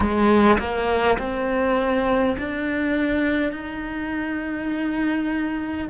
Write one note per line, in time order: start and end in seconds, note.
0.00 0.58 G#3
0.59 1.18 A#3
1.18 2.36 C4
2.38 3.52 D4
3.52 5.87 D#4